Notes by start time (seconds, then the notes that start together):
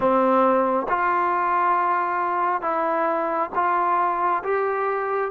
0.00 C4
0.88 F4
2.61 E4
3.54 F4
4.43 G4